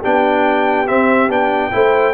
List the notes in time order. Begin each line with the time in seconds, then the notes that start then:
0.00 B3 D4 G4 G5
0.87 C4 E5
1.28 B3 D4 G5
1.71 A3 E4 C5